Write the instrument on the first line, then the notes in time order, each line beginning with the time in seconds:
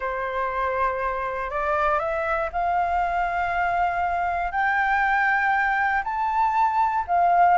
flute
0.00 C5
1.50 D5
1.99 E5
2.52 F5
4.51 G5
6.03 A5
7.07 F5